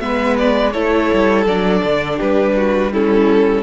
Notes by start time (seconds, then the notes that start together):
0.00 G#3 B3 B4 E5
0.38 D5
0.72 A3 E4 A4 C#5
1.13 G3
1.46 F#3 D4 D5
1.83 D3
2.17 G3 G4 B4
2.56 F#4
2.92 C#4 E4 A4